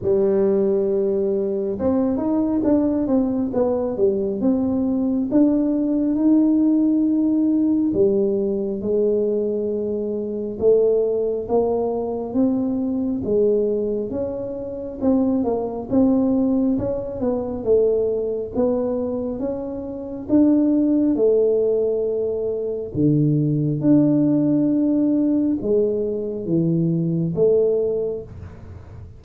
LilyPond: \new Staff \with { instrumentName = "tuba" } { \time 4/4 \tempo 4 = 68 g2 c'8 dis'8 d'8 c'8 | b8 g8 c'4 d'4 dis'4~ | dis'4 g4 gis2 | a4 ais4 c'4 gis4 |
cis'4 c'8 ais8 c'4 cis'8 b8 | a4 b4 cis'4 d'4 | a2 d4 d'4~ | d'4 gis4 e4 a4 | }